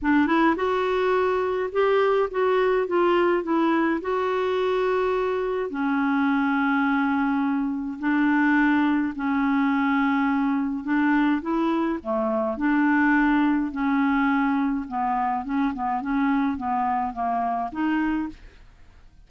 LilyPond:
\new Staff \with { instrumentName = "clarinet" } { \time 4/4 \tempo 4 = 105 d'8 e'8 fis'2 g'4 | fis'4 f'4 e'4 fis'4~ | fis'2 cis'2~ | cis'2 d'2 |
cis'2. d'4 | e'4 a4 d'2 | cis'2 b4 cis'8 b8 | cis'4 b4 ais4 dis'4 | }